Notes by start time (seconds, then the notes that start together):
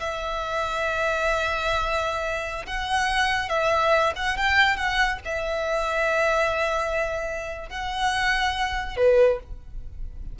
0.00 E5
2.66 F#5
3.49 E5
4.16 F#5
4.37 G5
4.77 F#5
5.25 E5
7.69 F#5
8.97 B4